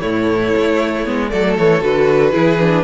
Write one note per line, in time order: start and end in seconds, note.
0.00 0.53 A2
0.00 1.04 A3
0.00 1.30 E4
0.00 1.29 C#5
0.56 1.07 A3
1.05 1.33 G#3
1.05 1.30 B3
1.29 1.58 F#3
1.29 1.81 A3
1.29 2.32 A4
1.29 1.55 D5
1.58 1.82 E3
1.58 1.83 C#5
1.81 2.34 D3
1.81 2.32 F#4
1.81 2.84 B4
2.32 2.84 E3
2.32 2.58 E4
2.32 2.84 G#4
2.60 2.84 D4